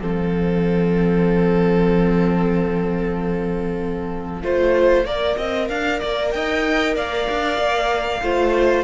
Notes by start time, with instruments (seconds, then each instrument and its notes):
0.00 cello F3, viola C4, violin A4 F5
4.42 cello A3, viola F4, violin C5
5.04 cello A#3, viola A#4, violin D5
5.36 cello C4, violin D#5
5.69 cello D4, violin F5
5.99 cello A#3, violin D5
6.31 cello D#4, violin D#5 G5
6.94 cello A#3, violin D5 F5
7.29 cello D4
7.58 cello A#3
8.21 cello A3, viola F4, violin C5